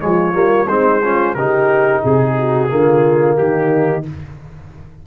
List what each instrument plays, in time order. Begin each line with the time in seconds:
0.00 tuba F3, trombone G#3, horn F4, trumpet C#5
0.33 tuba G3, trombone A#3
0.68 tuba G#3, trombone C4, horn D#4, trumpet C5
1.02 trombone C#4, horn F4
1.34 tuba C#3, trombone D#4, horn G4, trumpet A#4
2.02 tuba C3, horn G#4, trumpet G#4
2.38 horn F#4
2.68 tuba D3, trombone A#3, horn F4
3.37 tuba D#3, horn D#4, trumpet G4